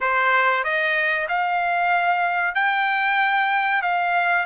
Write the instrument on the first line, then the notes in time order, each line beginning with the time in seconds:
trumpet
0.00 C5
0.64 D#5
1.28 F5
2.54 G5
3.82 F5